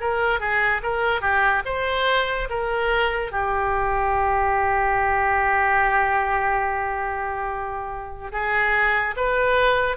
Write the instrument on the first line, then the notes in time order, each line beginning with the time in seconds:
oboe
0.00 A#4
0.40 G#4
0.83 A#4
1.21 G4
1.65 C5
2.50 A#4
3.31 G4
8.31 G#4
9.16 B4